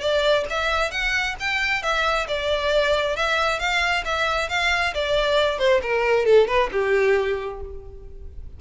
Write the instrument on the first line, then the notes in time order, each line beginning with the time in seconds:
violin
0.00 D5
0.50 E5
0.91 F#5
1.39 G5
1.82 E5
2.28 D5
3.16 E5
3.59 F5
4.05 E5
4.49 F5
4.94 D5
5.59 C5
5.82 A#4
6.25 A4
6.47 B4
6.72 G4